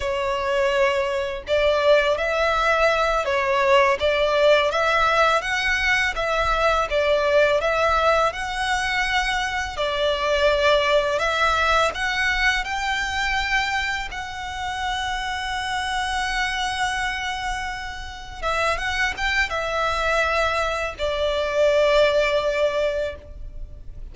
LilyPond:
\new Staff \with { instrumentName = "violin" } { \time 4/4 \tempo 4 = 83 cis''2 d''4 e''4~ | e''8 cis''4 d''4 e''4 fis''8~ | fis''8 e''4 d''4 e''4 fis''8~ | fis''4. d''2 e''8~ |
e''8 fis''4 g''2 fis''8~ | fis''1~ | fis''4. e''8 fis''8 g''8 e''4~ | e''4 d''2. | }